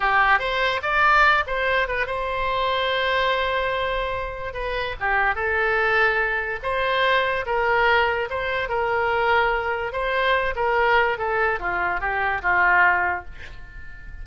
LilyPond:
\new Staff \with { instrumentName = "oboe" } { \time 4/4 \tempo 4 = 145 g'4 c''4 d''4. c''8~ | c''8 b'8 c''2.~ | c''2. b'4 | g'4 a'2. |
c''2 ais'2 | c''4 ais'2. | c''4. ais'4. a'4 | f'4 g'4 f'2 | }